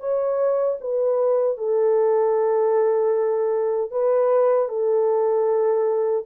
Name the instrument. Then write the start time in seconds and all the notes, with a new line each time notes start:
horn
0.00 C#5
0.80 B4
1.57 A4
3.91 B4
4.69 A4